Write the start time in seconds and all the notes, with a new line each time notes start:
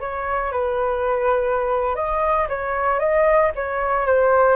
0.00 C#5
0.51 B4
1.95 D#5
2.49 C#5
2.99 D#5
3.55 C#5
4.06 C5